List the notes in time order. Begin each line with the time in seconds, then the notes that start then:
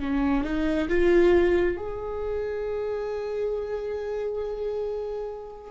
0.00 C#4
0.45 D#4
0.89 F4
1.78 G#4